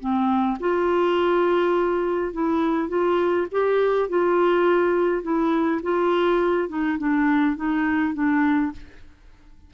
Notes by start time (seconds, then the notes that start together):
0.00 C4
0.60 F4
2.33 E4
2.89 F4
3.52 G4
4.09 F4
5.23 E4
5.83 F4
6.69 D#4
6.98 D4
7.56 D#4
8.14 D4